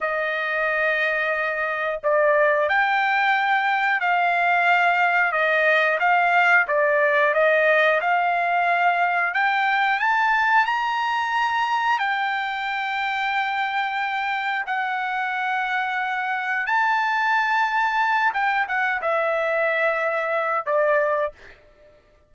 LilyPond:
\new Staff \with { instrumentName = "trumpet" } { \time 4/4 \tempo 4 = 90 dis''2. d''4 | g''2 f''2 | dis''4 f''4 d''4 dis''4 | f''2 g''4 a''4 |
ais''2 g''2~ | g''2 fis''2~ | fis''4 a''2~ a''8 g''8 | fis''8 e''2~ e''8 d''4 | }